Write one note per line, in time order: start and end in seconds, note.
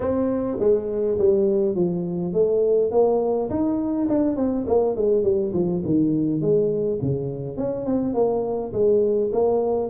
0.00 0.57 C4
0.59 1.18 G#3
1.18 1.75 G3
1.75 2.33 F3
2.33 2.91 A3
2.91 3.49 A#3
3.50 4.08 D#4
4.08 4.36 D4
4.36 4.65 C4
4.67 4.95 A#3
4.95 5.23 G#3
5.23 5.52 G3
5.53 5.82 F3
5.85 6.41 D#3
6.41 6.99 G#3
7.01 7.57 C#3
7.57 7.85 C#4
7.85 8.14 C4
8.14 8.72 A#3
8.72 9.31 G#3
9.32 9.90 A#3